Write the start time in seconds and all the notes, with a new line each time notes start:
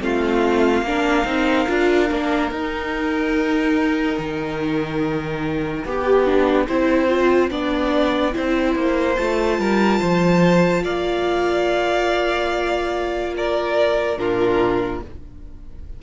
0.00 A3 C4 F4 F5
0.82 A#3 D4 A#4
1.24 C4 D#4
1.67 D4 F4
2.08 A#3 D4
2.51 D#4 G5
4.18 D#3
5.85 B3 G4
6.25 D4
6.67 C4 E4 C5
7.09 F4
7.50 B3 D4 D5
8.32 C4 E4 C5
8.75 A#3
9.17 A3 F4 A5
9.59 G3 A#4
9.99 F3 C5
10.83 A#3 D5 F5
13.36 A#4 D5
14.17 A#2 D4 F4 A#4